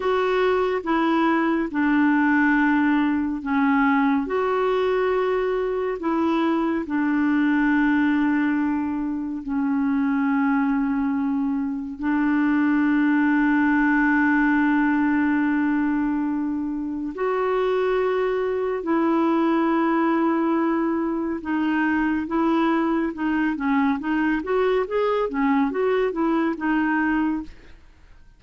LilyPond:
\new Staff \with { instrumentName = "clarinet" } { \time 4/4 \tempo 4 = 70 fis'4 e'4 d'2 | cis'4 fis'2 e'4 | d'2. cis'4~ | cis'2 d'2~ |
d'1 | fis'2 e'2~ | e'4 dis'4 e'4 dis'8 cis'8 | dis'8 fis'8 gis'8 cis'8 fis'8 e'8 dis'4 | }